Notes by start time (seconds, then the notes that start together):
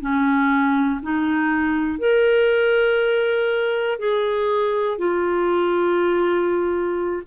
0.00 C#4
1.02 D#4
1.98 A#4
3.99 G#4
4.97 F4